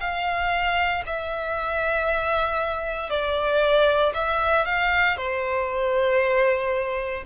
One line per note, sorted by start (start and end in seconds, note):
0.00 1.03 F5
1.06 3.10 E5
3.10 4.13 D5
4.14 4.66 E5
4.66 5.17 F5
5.17 7.24 C5